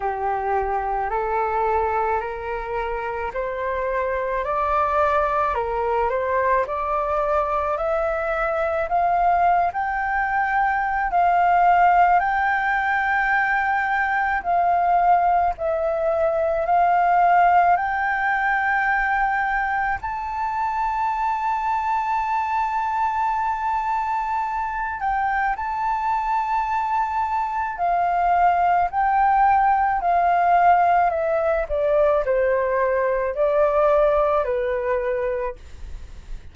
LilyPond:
\new Staff \with { instrumentName = "flute" } { \time 4/4 \tempo 4 = 54 g'4 a'4 ais'4 c''4 | d''4 ais'8 c''8 d''4 e''4 | f''8. g''4~ g''16 f''4 g''4~ | g''4 f''4 e''4 f''4 |
g''2 a''2~ | a''2~ a''8 g''8 a''4~ | a''4 f''4 g''4 f''4 | e''8 d''8 c''4 d''4 b'4 | }